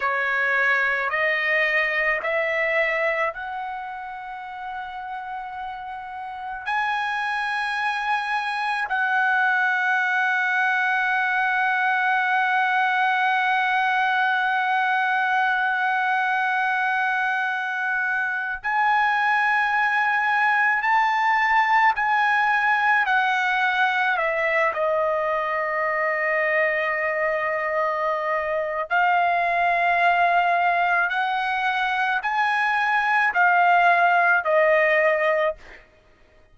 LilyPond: \new Staff \with { instrumentName = "trumpet" } { \time 4/4 \tempo 4 = 54 cis''4 dis''4 e''4 fis''4~ | fis''2 gis''2 | fis''1~ | fis''1~ |
fis''8. gis''2 a''4 gis''16~ | gis''8. fis''4 e''8 dis''4.~ dis''16~ | dis''2 f''2 | fis''4 gis''4 f''4 dis''4 | }